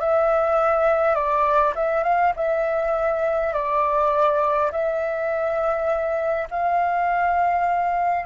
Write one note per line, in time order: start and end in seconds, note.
0.00 1.15 E5
1.15 1.73 D5
1.75 2.03 E5
2.03 2.33 F5
2.36 3.53 E5
3.53 4.71 D5
4.72 6.48 E5
6.50 8.26 F5